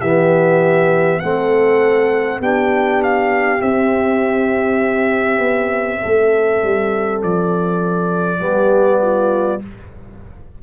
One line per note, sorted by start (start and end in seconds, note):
0.00 1.22 E3
0.00 1.22 B3
0.00 1.20 G4
0.00 1.20 E5
1.20 2.40 A3
1.20 2.42 C4
1.20 2.41 A4
1.20 2.40 F#5
2.40 3.60 B3
2.40 3.60 D4
2.40 6.01 G4
2.40 3.03 G5
3.04 3.62 F5
3.60 8.40 C4
3.60 5.39 C4
3.60 7.22 E5
5.39 5.99 B3
6.02 6.63 A3
6.02 8.41 A4
6.63 7.23 G3
7.23 8.40 F3
7.23 9.63 D5
8.40 9.61 G3
8.40 9.60 B3
8.40 9.01 G4
9.02 9.62 F4